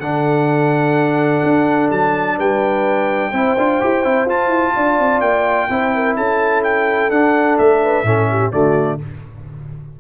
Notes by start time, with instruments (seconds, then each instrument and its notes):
0.00 tuba D3, trombone D4, horn A4, trumpet F#5
1.43 tuba D4
1.91 tuba F#3, trumpet A5
2.37 tuba G3, horn B4, trumpet G5
3.31 tuba C4, trombone E4, horn C5
3.58 tuba D4, trombone F4
3.81 tuba E4, trombone G4
4.04 tuba C4, trombone E4
4.25 tuba F4, trombone F4, trumpet A5
4.47 tuba E4
4.76 tuba D4, horn D5
4.99 tuba C4
5.21 tuba A#3, trumpet G5
5.70 tuba C4, trombone E4, horn C5
5.94 horn A#4
6.16 tuba C#4, horn A4, trumpet A5
6.64 trumpet G5
7.11 tuba D4, trombone D4, trumpet F#5
7.58 tuba A3, trumpet E5
7.83 horn B4
8.03 tuba A2, trombone C#4, horn A4
8.30 horn G4
8.52 tuba D3, trombone A3, horn F#4, trumpet D5